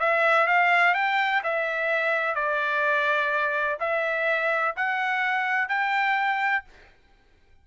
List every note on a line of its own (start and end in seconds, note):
0.00 0.47 E5
0.47 0.95 F5
0.95 1.42 G5
1.44 2.35 E5
2.35 3.78 D5
3.80 4.76 E5
4.76 5.69 F#5
5.69 6.65 G5